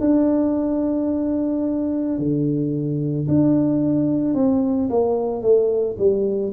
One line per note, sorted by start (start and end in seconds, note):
0.00 2.18 D4
2.18 3.27 D3
3.27 4.34 D4
4.34 4.88 C4
4.89 5.41 A#3
5.41 5.96 A3
5.98 6.53 G3